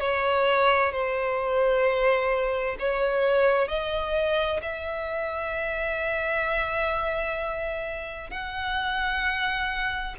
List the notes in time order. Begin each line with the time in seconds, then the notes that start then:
0.00 C#5
0.92 C5
2.79 C#5
3.68 D#5
4.62 E5
8.30 F#5